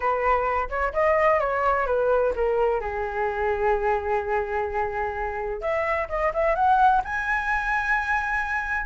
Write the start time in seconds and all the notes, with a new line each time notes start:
0.00 B4
0.69 C#5
0.93 D#5
1.40 C#5
1.86 B4
2.35 A#4
2.80 G#4
5.61 E5
6.08 D#5
6.33 E5
6.55 F#5
7.04 G#5